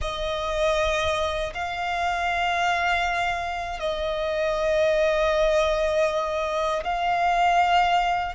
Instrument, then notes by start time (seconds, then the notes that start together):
violin
0.01 D#5
1.54 F5
3.79 D#5
6.84 F5